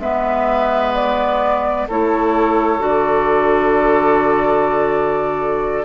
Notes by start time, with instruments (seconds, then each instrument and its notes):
0.00 bassoon G#3, clarinet B3, oboe B4, flute E5
0.95 flute D5
1.89 bassoon A3, clarinet E4, oboe A4, flute C#5
2.79 bassoon D3, clarinet F#4, flute D5